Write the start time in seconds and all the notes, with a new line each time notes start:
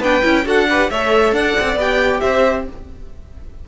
0.00 B3 D4 B4 G5
0.22 C#4 E4
0.45 D4 F#4 A4 F#5
0.69 G4 B4
0.91 A3 A4 C#5 E5
1.32 D4 D5 F#5
1.60 C4
1.76 B3 G4 G5
2.20 C4 C5 E5